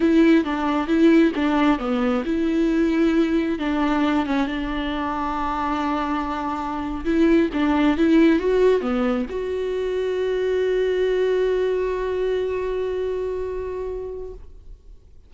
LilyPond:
\new Staff \with { instrumentName = "viola" } { \time 4/4 \tempo 4 = 134 e'4 d'4 e'4 d'4 | b4 e'2. | d'4. cis'8 d'2~ | d'2.~ d'8. e'16~ |
e'8. d'4 e'4 fis'4 b16~ | b8. fis'2.~ fis'16~ | fis'1~ | fis'1 | }